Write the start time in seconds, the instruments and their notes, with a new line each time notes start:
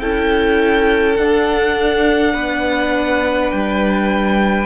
0.00 cello C#4, viola E4, violin A4 G5
1.17 viola D4, cello D4, violin F#5
2.34 cello B3, violin B4
3.51 cello G3, violin G5